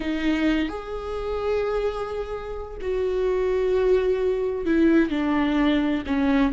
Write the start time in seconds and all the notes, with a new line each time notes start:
0.00 D#4
0.68 G#4
2.81 F#4
4.65 E4
5.10 D4
6.06 C#4